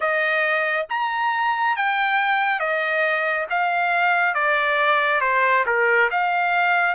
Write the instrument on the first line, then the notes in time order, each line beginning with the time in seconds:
trumpet
0.00 D#5
0.89 A#5
1.76 G5
2.59 D#5
3.50 F5
4.34 D5
5.21 C5
5.66 A#4
6.11 F5